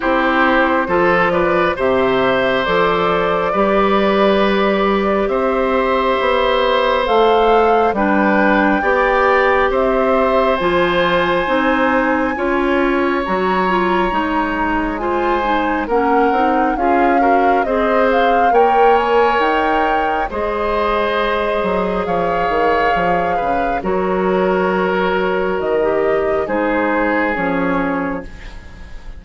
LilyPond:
<<
  \new Staff \with { instrumentName = "flute" } { \time 4/4 \tempo 4 = 68 c''4. d''8 e''4 d''4~ | d''2 e''2 | f''4 g''2 e''4 | gis''2. ais''4~ |
ais''4 gis''4 fis''4 f''4 | dis''8 f''8 g''8 gis''8 g''4 dis''4~ | dis''4 f''2 cis''4~ | cis''4 dis''4 c''4 cis''4 | }
  \new Staff \with { instrumentName = "oboe" } { \time 4/4 g'4 a'8 b'8 c''2 | b'2 c''2~ | c''4 b'4 d''4 c''4~ | c''2 cis''2~ |
cis''4 c''4 ais'4 gis'8 ais'8 | c''4 cis''2 c''4~ | c''4 cis''4. b'8 ais'4~ | ais'2 gis'2 | }
  \new Staff \with { instrumentName = "clarinet" } { \time 4/4 e'4 f'4 g'4 a'4 | g'1 | a'4 d'4 g'2 | f'4 dis'4 f'4 fis'8 f'8 |
dis'4 f'8 dis'8 cis'8 dis'8 f'8 fis'8 | gis'4 ais'2 gis'4~ | gis'2. fis'4~ | fis'4~ fis'16 g'8. dis'4 cis'4 | }
  \new Staff \with { instrumentName = "bassoon" } { \time 4/4 c'4 f4 c4 f4 | g2 c'4 b4 | a4 g4 b4 c'4 | f4 c'4 cis'4 fis4 |
gis2 ais8 c'8 cis'4 | c'4 ais4 dis'4 gis4~ | gis8 fis8 f8 dis8 f8 cis8 fis4~ | fis4 dis4 gis4 f4 | }
>>